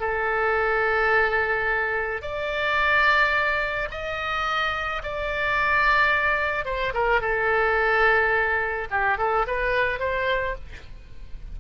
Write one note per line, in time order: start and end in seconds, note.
0.00 2.22 A4
2.22 3.88 D5
3.91 5.02 D#5
5.03 6.65 D5
6.65 6.93 C5
6.93 7.21 A#4
7.21 8.88 A4
8.91 9.18 G4
9.18 9.45 A4
9.47 9.99 B4
9.99 10.55 C5